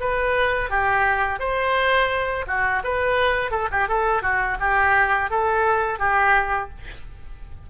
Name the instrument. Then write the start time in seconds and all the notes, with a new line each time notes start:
oboe
0.00 B4
0.70 G4
1.39 C5
2.47 F#4
2.83 B4
3.51 A4
3.71 G4
3.88 A4
4.22 F#4
4.60 G4
5.30 A4
5.99 G4